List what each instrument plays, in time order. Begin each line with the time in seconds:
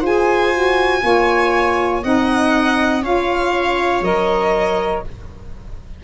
0.00 tuba F4, saxophone G#4, viola C5, violin G#5
0.53 saxophone F#4
1.01 tuba A#3, saxophone F4, viola C#5
2.02 tuba C4, saxophone D#4, viola D#5, violin F#5
3.02 tuba C#4, saxophone F4, viola C#5, violin F5
4.01 tuba F#3, saxophone A#4, violin D#5